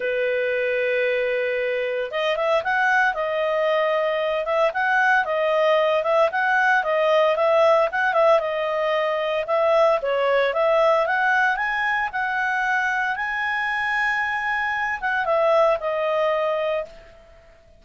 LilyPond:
\new Staff \with { instrumentName = "clarinet" } { \time 4/4 \tempo 4 = 114 b'1 | dis''8 e''8 fis''4 dis''2~ | dis''8 e''8 fis''4 dis''4. e''8 | fis''4 dis''4 e''4 fis''8 e''8 |
dis''2 e''4 cis''4 | e''4 fis''4 gis''4 fis''4~ | fis''4 gis''2.~ | gis''8 fis''8 e''4 dis''2 | }